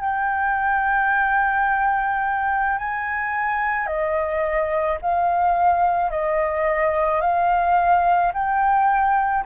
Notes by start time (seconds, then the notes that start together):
0.00 G5
2.78 G#5
3.86 D#5
5.02 F5
6.10 D#5
7.21 F5
8.33 G5